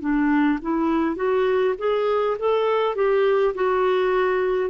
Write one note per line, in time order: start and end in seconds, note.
0.00 0.59 D4
0.61 1.16 E4
1.16 1.74 F#4
1.78 2.37 G#4
2.39 2.95 A4
2.95 3.54 G4
3.55 4.70 F#4